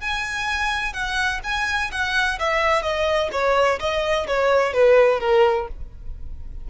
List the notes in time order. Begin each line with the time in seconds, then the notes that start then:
0.00 G#5
0.93 F#5
1.43 G#5
1.91 F#5
2.39 E5
2.82 D#5
3.32 C#5
3.79 D#5
4.27 C#5
4.73 B4
5.20 A#4